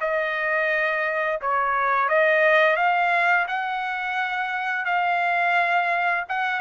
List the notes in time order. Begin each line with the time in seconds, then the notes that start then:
0.00 D#5
1.41 C#5
2.08 D#5
2.76 F5
3.47 F#5
4.85 F5
6.29 F#5